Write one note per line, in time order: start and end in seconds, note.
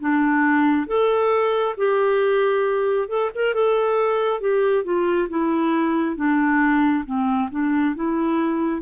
0.00 0.87 D4
0.87 1.75 A4
1.78 3.09 G4
3.09 3.31 A4
3.35 3.55 A#4
3.55 4.41 A4
4.41 4.84 G4
4.84 5.28 F4
5.29 6.16 E4
6.16 7.05 D4
7.05 7.50 C4
7.51 7.95 D4
7.95 8.82 E4